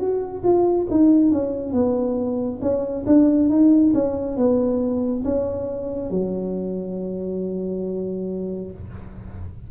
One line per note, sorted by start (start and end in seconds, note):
0.00 0.43 F#4
0.44 0.88 F4
0.91 1.32 D#4
1.32 1.73 C#4
1.73 2.60 B3
2.62 3.06 C#4
3.07 3.50 D4
3.50 3.93 D#4
3.94 4.37 C#4
4.37 5.24 B3
5.25 6.11 C#4
6.11 8.72 F#3